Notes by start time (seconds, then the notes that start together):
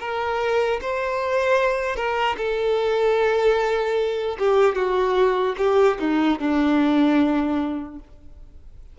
0.00 A#4
0.81 C5
1.96 A#4
2.37 A4
4.39 G4
4.76 F#4
5.58 G4
6.00 D#4
6.39 D4